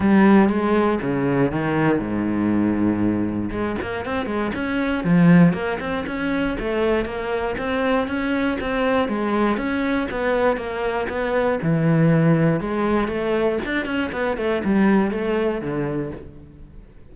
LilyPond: \new Staff \with { instrumentName = "cello" } { \time 4/4 \tempo 4 = 119 g4 gis4 cis4 dis4 | gis,2. gis8 ais8 | c'8 gis8 cis'4 f4 ais8 c'8 | cis'4 a4 ais4 c'4 |
cis'4 c'4 gis4 cis'4 | b4 ais4 b4 e4~ | e4 gis4 a4 d'8 cis'8 | b8 a8 g4 a4 d4 | }